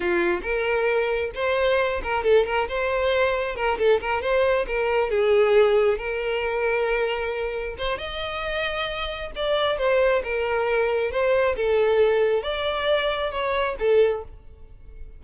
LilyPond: \new Staff \with { instrumentName = "violin" } { \time 4/4 \tempo 4 = 135 f'4 ais'2 c''4~ | c''8 ais'8 a'8 ais'8 c''2 | ais'8 a'8 ais'8 c''4 ais'4 gis'8~ | gis'4. ais'2~ ais'8~ |
ais'4. c''8 dis''2~ | dis''4 d''4 c''4 ais'4~ | ais'4 c''4 a'2 | d''2 cis''4 a'4 | }